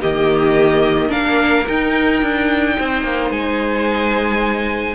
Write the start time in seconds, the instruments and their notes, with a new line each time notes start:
0.00 cello D#3, viola A#3, violin G4 D#5
1.08 cello A#3, viola D4, violin A#4 F5
1.67 viola D#4, cello D#4, violin G5
2.22 cello D4
2.78 cello C4, violin C5
3.03 cello A#3
3.30 cello G#3, violin G#5